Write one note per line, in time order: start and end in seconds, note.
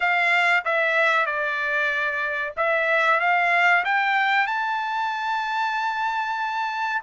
0.00 0.64 F5
0.64 1.26 E5
1.26 2.53 D5
2.56 3.20 E5
3.20 3.84 F5
3.84 4.47 G5
4.47 7.02 A5